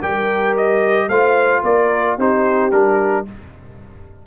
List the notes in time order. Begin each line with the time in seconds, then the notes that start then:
0.00 G3 G4 A#4 G5
0.56 D#5
1.08 A3 F4 C5 F5
1.62 A#3 A#4 D5
2.17 C4 D#4 G4 C5
2.71 G3 D4 A#4